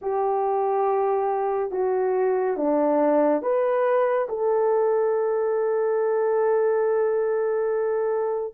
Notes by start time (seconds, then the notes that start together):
0.01 G4
1.71 F#4
2.56 D4
3.41 B4
4.29 A4